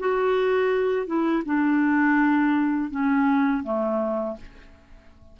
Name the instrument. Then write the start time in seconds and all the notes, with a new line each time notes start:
clarinet
0.00 F#4
1.07 E4
1.46 D4
2.91 C#4
3.64 A3